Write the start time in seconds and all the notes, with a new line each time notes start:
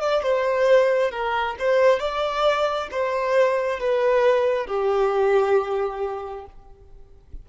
0.00 D5
0.22 C5
1.11 A#4
1.59 C5
1.99 D5
2.91 C5
3.80 B4
4.66 G4